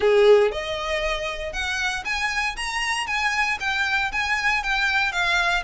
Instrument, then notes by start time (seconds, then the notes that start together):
violin
0.00 G#4
0.51 D#5
1.52 F#5
2.04 G#5
2.56 A#5
3.06 G#5
3.60 G5
4.12 G#5
4.63 G5
5.11 F5